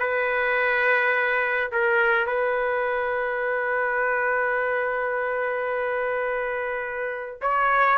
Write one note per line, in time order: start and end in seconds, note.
0.00 1.71 B4
1.72 2.27 A#4
2.27 7.41 B4
7.42 7.98 C#5